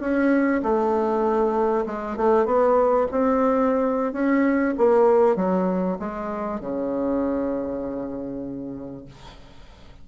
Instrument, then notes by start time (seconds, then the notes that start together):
bassoon
0.00 C#4
0.63 A3
1.86 G#3
2.17 A3
2.45 B3
3.11 C4
4.13 C#4
4.77 A#3
5.36 F#3
5.99 G#3
6.60 C#3